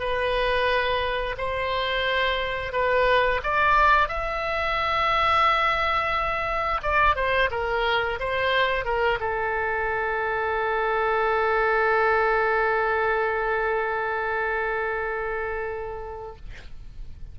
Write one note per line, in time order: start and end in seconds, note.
0.00 1.36 B4
1.38 2.73 C5
2.73 3.41 B4
3.44 4.09 D5
4.09 6.82 E5
6.83 7.16 D5
7.16 7.50 C5
7.51 8.19 A#4
8.20 8.85 C5
8.85 9.19 A#4
9.21 16.37 A4